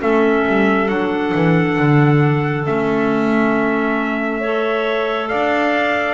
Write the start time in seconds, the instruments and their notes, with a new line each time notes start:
0.00 double bass A3, clarinet C#4 A4, trumpet E5
0.47 double bass G3
0.88 double bass F#3, clarinet D4, trumpet F#5
1.35 double bass E3
1.79 double bass D3
2.66 double bass A3, clarinet C#4, trumpet E5
4.40 clarinet A4 C#5
5.28 double bass D4, clarinet D5, trumpet F5